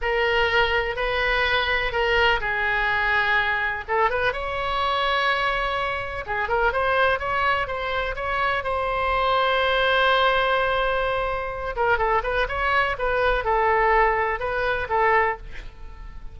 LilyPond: \new Staff \with { instrumentName = "oboe" } { \time 4/4 \tempo 4 = 125 ais'2 b'2 | ais'4 gis'2. | a'8 b'8 cis''2.~ | cis''4 gis'8 ais'8 c''4 cis''4 |
c''4 cis''4 c''2~ | c''1~ | c''8 ais'8 a'8 b'8 cis''4 b'4 | a'2 b'4 a'4 | }